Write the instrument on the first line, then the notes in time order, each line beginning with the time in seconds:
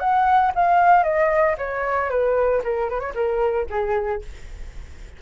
flute
0.00 F#5
0.55 F5
1.04 D#5
1.58 C#5
2.10 B4
2.64 A#4
2.90 B4
3.00 C#5
3.15 A#4
3.70 G#4